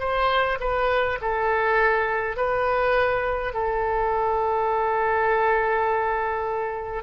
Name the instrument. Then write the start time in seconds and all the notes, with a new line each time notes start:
oboe
0.00 C5
0.60 B4
1.21 A4
2.37 B4
3.54 A4